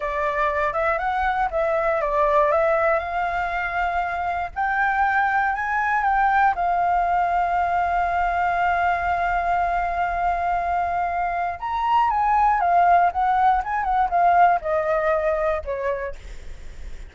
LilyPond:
\new Staff \with { instrumentName = "flute" } { \time 4/4 \tempo 4 = 119 d''4. e''8 fis''4 e''4 | d''4 e''4 f''2~ | f''4 g''2 gis''4 | g''4 f''2.~ |
f''1~ | f''2. ais''4 | gis''4 f''4 fis''4 gis''8 fis''8 | f''4 dis''2 cis''4 | }